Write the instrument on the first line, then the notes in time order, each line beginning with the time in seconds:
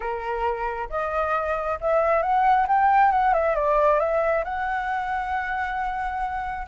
flute
0.00 A#4
0.89 D#5
1.80 E5
2.22 F#5
2.67 G5
3.11 F#5
3.33 E5
3.55 D5
3.99 E5
4.44 F#5